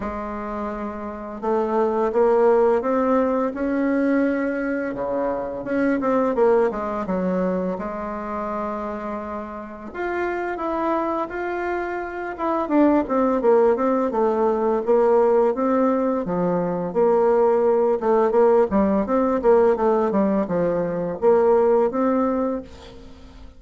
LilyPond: \new Staff \with { instrumentName = "bassoon" } { \time 4/4 \tempo 4 = 85 gis2 a4 ais4 | c'4 cis'2 cis4 | cis'8 c'8 ais8 gis8 fis4 gis4~ | gis2 f'4 e'4 |
f'4. e'8 d'8 c'8 ais8 c'8 | a4 ais4 c'4 f4 | ais4. a8 ais8 g8 c'8 ais8 | a8 g8 f4 ais4 c'4 | }